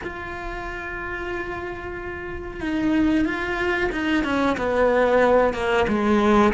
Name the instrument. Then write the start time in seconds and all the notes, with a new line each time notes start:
cello
0.03 F4
2.60 D#4
3.25 F4
3.92 D#4
4.24 C#4
4.57 B3
5.53 A#3
5.88 G#3